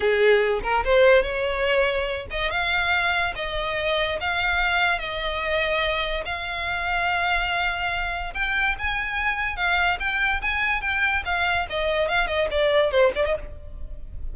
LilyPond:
\new Staff \with { instrumentName = "violin" } { \time 4/4 \tempo 4 = 144 gis'4. ais'8 c''4 cis''4~ | cis''4. dis''8 f''2 | dis''2 f''2 | dis''2. f''4~ |
f''1 | g''4 gis''2 f''4 | g''4 gis''4 g''4 f''4 | dis''4 f''8 dis''8 d''4 c''8 d''16 dis''16 | }